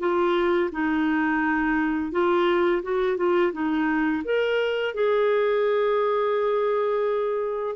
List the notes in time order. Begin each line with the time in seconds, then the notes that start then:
0.00 F4
0.72 D#4
2.12 F4
2.83 F#4
3.17 F4
3.53 D#4
4.24 A#4
4.94 G#4